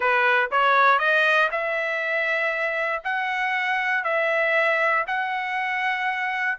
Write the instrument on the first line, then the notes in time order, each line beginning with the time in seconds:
trumpet
0.00 B4
0.51 C#5
0.98 D#5
1.51 E5
3.04 F#5
4.04 E5
5.07 F#5